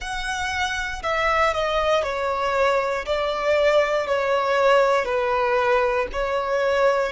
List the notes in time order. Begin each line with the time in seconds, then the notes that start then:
0.00 F#5
1.02 E5
1.53 D#5
2.03 C#5
3.05 D5
4.06 C#5
5.05 B4
6.12 C#5